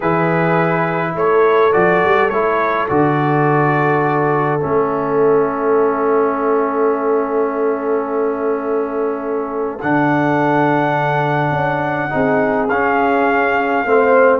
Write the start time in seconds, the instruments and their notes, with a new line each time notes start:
0.00 tuba E3, trombone E4, horn G#4, trumpet B4
1.14 tuba A3, horn A4, trumpet C#5
1.72 tuba F3, trombone F#4, trumpet D5
2.04 tuba G3
2.29 tuba A3, trombone E4, trumpet C#5
2.88 tuba D3, trombone F#4, trumpet D5
4.59 tuba A3, trombone C#4, trumpet E5
9.81 tuba D3, trombone D4, trumpet F#5
11.50 tuba C#4
12.09 tuba C4, trombone D#4, horn G#4
12.68 tuba C#4, trombone C#4, trumpet F5
13.85 tuba A3, trombone C4, horn C5